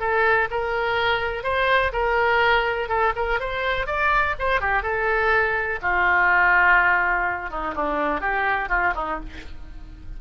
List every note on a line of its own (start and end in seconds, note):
0.00 0.48 A4
0.51 1.44 A#4
1.44 1.92 C5
1.93 2.89 A#4
2.89 3.13 A4
3.16 3.40 A#4
3.40 3.87 C5
3.87 4.35 D5
4.39 4.61 C5
4.61 4.83 G4
4.83 5.80 A4
5.82 7.51 F4
7.51 7.75 D#4
7.76 8.21 D4
8.21 8.69 G4
8.69 8.94 F4
8.96 9.20 D#4